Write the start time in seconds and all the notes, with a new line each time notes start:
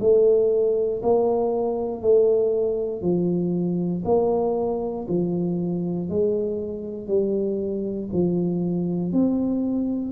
0.00 A3
1.03 A#3
2.02 A3
3.01 F3
4.05 A#3
5.08 F3
6.09 G#3
7.08 G3
8.13 F3
9.12 C4